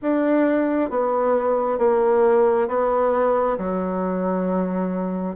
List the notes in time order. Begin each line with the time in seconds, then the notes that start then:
0.02 D4
0.90 B3
1.78 A#3
2.68 B3
3.57 F#3